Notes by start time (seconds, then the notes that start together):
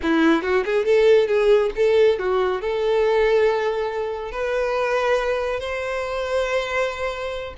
0.02 E4
0.42 F#4
0.65 G#4
0.85 A4
1.27 G#4
1.76 A4
2.18 F#4
2.61 A4
4.31 B4
5.60 C5